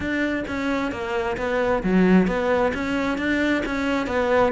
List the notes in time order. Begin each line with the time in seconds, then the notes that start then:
0.00 D4
0.47 C#4
0.91 A#3
1.37 B3
1.83 F#3
2.27 B3
2.74 C#4
3.18 D4
3.65 C#4
4.07 B3